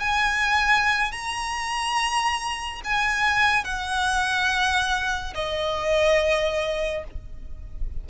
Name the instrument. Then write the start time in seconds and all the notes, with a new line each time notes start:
violin
0.00 G#5
1.12 A#5
2.84 G#5
3.64 F#5
5.35 D#5